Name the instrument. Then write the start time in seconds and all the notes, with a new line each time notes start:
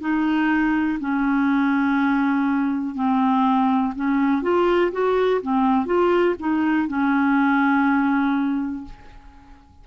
clarinet
0.00 D#4
1.00 C#4
2.95 C4
3.95 C#4
4.42 F4
4.91 F#4
5.41 C4
5.86 F4
6.39 D#4
6.88 C#4